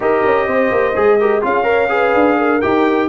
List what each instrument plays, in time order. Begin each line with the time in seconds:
0.00 tuba D#4, trombone G4, horn A#4, trumpet D#5
0.25 tuba C#4
0.47 tuba C4, horn C5
0.71 tuba A#3
0.95 tuba G#3, trombone G#4
1.20 trombone G4, horn A#4
1.41 tuba C#4, trombone F4, horn G#4, trumpet F5
1.63 trombone A#4, horn C#5
1.89 trombone G#4, horn B4
2.14 tuba D4
2.37 horn A#4
2.61 tuba D#4, trombone G4, trumpet G5